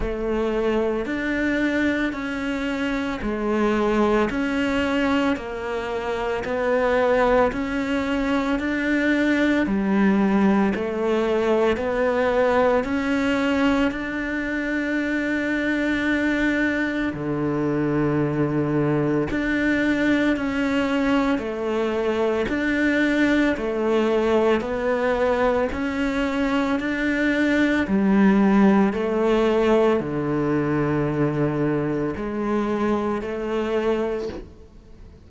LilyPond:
\new Staff \with { instrumentName = "cello" } { \time 4/4 \tempo 4 = 56 a4 d'4 cis'4 gis4 | cis'4 ais4 b4 cis'4 | d'4 g4 a4 b4 | cis'4 d'2. |
d2 d'4 cis'4 | a4 d'4 a4 b4 | cis'4 d'4 g4 a4 | d2 gis4 a4 | }